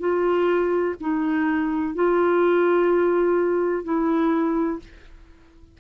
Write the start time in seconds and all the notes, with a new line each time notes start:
0.00 F4
1.01 D#4
1.95 F4
3.84 E4